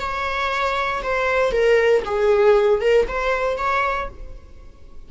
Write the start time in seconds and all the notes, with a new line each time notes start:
0.00 C#5
1.03 C5
1.52 A#4
2.05 G#4
2.81 A#4
3.08 C5
3.58 C#5